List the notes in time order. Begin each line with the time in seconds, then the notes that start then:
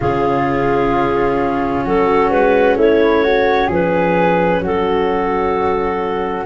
0.00 C#3 C#4 F4 G#4
1.84 F#3 F#4 A4
2.30 G#3 B4
2.75 A3 E4 C#5
3.23 F#4
3.67 F3 G#4 B4
4.59 F#3 F#4 A4